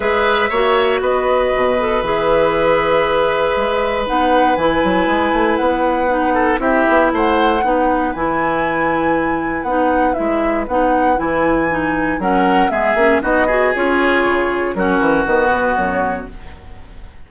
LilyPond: <<
  \new Staff \with { instrumentName = "flute" } { \time 4/4 \tempo 4 = 118 e''2 dis''2 | e''1 | fis''4 gis''2 fis''4~ | fis''4 e''4 fis''2 |
gis''2. fis''4 | e''4 fis''4 gis''2 | fis''4 e''4 dis''4 cis''4~ | cis''4 ais'4 b'4 cis''4 | }
  \new Staff \with { instrumentName = "oboe" } { \time 4/4 b'4 cis''4 b'2~ | b'1~ | b'1~ | b'8 a'8 g'4 c''4 b'4~ |
b'1~ | b'1 | ais'4 gis'4 fis'8 gis'4.~ | gis'4 fis'2. | }
  \new Staff \with { instrumentName = "clarinet" } { \time 4/4 gis'4 fis'2~ fis'8 a'8 | gis'1 | dis'4 e'2. | dis'4 e'2 dis'4 |
e'2. dis'4 | e'4 dis'4 e'4 dis'4 | cis'4 b8 cis'8 dis'8 fis'8 f'4~ | f'4 cis'4 b2 | }
  \new Staff \with { instrumentName = "bassoon" } { \time 4/4 gis4 ais4 b4 b,4 | e2. gis4 | b4 e8 fis8 gis8 a8 b4~ | b4 c'8 b8 a4 b4 |
e2. b4 | gis4 b4 e2 | fis4 gis8 ais8 b4 cis'4 | cis4 fis8 e8 dis8 b,8 fis,4 | }
>>